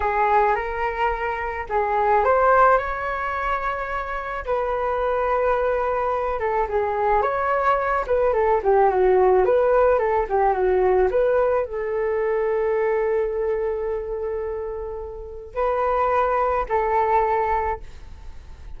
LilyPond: \new Staff \with { instrumentName = "flute" } { \time 4/4 \tempo 4 = 108 gis'4 ais'2 gis'4 | c''4 cis''2. | b'2.~ b'8 a'8 | gis'4 cis''4. b'8 a'8 g'8 |
fis'4 b'4 a'8 g'8 fis'4 | b'4 a'2.~ | a'1 | b'2 a'2 | }